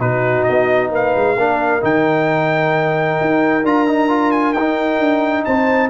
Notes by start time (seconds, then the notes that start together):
0.00 B2 D#4 F#4 B4
0.44 B3 D#5
0.91 A#3 B4 F5
1.16 G#3
1.36 A#3 D4 A#4
1.81 D#3 D#4 G5
3.21 D#4
3.64 D4 F4 A#5
3.88 D#4
4.09 F4
4.32 G#5
4.53 D#4 G5
5.00 D4
5.45 C4 C5 A5